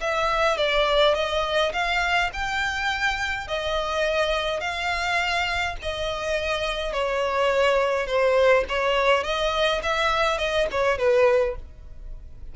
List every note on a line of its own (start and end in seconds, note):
0.00 0.57 E5
0.57 1.14 D5
1.14 1.72 D#5
1.72 2.30 F5
2.33 3.47 G5
3.47 4.60 D#5
4.60 5.76 F5
5.82 6.92 D#5
6.92 8.06 C#5
8.06 8.64 C5
8.69 9.23 C#5
9.23 9.81 D#5
9.82 10.37 E5
10.37 10.66 D#5
10.71 10.98 C#5
10.98 11.55 B4